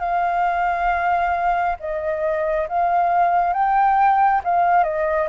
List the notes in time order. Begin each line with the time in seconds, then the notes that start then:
0.00 F5
1.80 D#5
2.69 F5
3.54 G5
4.44 F5
4.84 D#5